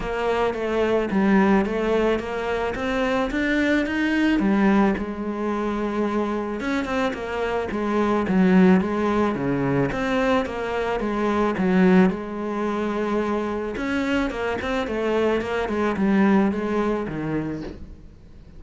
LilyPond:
\new Staff \with { instrumentName = "cello" } { \time 4/4 \tempo 4 = 109 ais4 a4 g4 a4 | ais4 c'4 d'4 dis'4 | g4 gis2. | cis'8 c'8 ais4 gis4 fis4 |
gis4 cis4 c'4 ais4 | gis4 fis4 gis2~ | gis4 cis'4 ais8 c'8 a4 | ais8 gis8 g4 gis4 dis4 | }